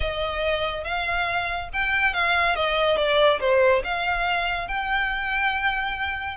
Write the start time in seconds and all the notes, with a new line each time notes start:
0.00 D#5
0.84 F5
1.73 G5
2.13 F5
2.55 D#5
2.97 D5
3.40 C5
3.84 F5
4.68 G5